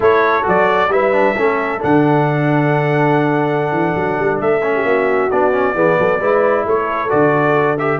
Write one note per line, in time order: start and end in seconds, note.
0.00 0.44 A3
0.00 0.42 E4
0.00 0.91 A4
0.00 0.47 C#5
0.42 0.88 F#3
0.42 0.88 F#4
0.42 0.92 D5
0.88 1.34 G3
0.88 1.12 E4
0.88 1.34 B4
0.88 1.82 E5
1.12 1.35 D4
1.34 1.82 A3
1.34 1.79 C#4
1.34 4.73 A4
1.79 3.71 D3
1.79 4.61 D4
1.79 4.41 F#5
3.71 3.94 E3
3.95 4.17 F#3
4.19 4.40 G3
4.40 4.83 A3
4.40 5.30 E5
4.63 5.30 C#4
4.74 4.85 G4
4.83 5.28 A#3
4.83 5.75 F#4
5.30 5.74 B3
5.30 5.52 D4
5.30 6.66 D5
5.52 5.74 C#4
5.74 5.97 E3
5.74 6.20 B3
5.74 5.97 G#4
5.98 6.20 F#3
5.98 6.19 A4
6.19 6.65 G#3
6.19 7.09 E4
6.19 6.64 B4
6.65 7.11 A3
6.65 7.99 A4
6.65 7.10 C#5
7.09 7.99 D3
7.09 7.76 F#4
7.09 7.77 D5
7.78 7.99 G4
7.78 7.99 E5